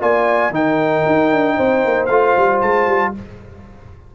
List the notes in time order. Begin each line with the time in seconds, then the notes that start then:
0.00 A#3 F4 D5 G#5
0.50 D#3 D#4 A#4 G5
1.06 D#4
1.32 D4
1.56 C4 C5
1.85 A#3
2.06 A3 F4 F5
2.37 G3
2.61 G#3 A5
2.87 G3